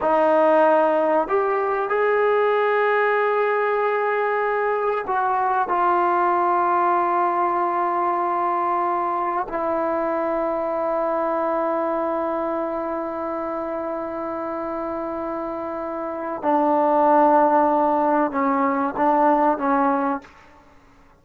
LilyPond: \new Staff \with { instrumentName = "trombone" } { \time 4/4 \tempo 4 = 95 dis'2 g'4 gis'4~ | gis'1 | fis'4 f'2.~ | f'2. e'4~ |
e'1~ | e'1~ | e'2 d'2~ | d'4 cis'4 d'4 cis'4 | }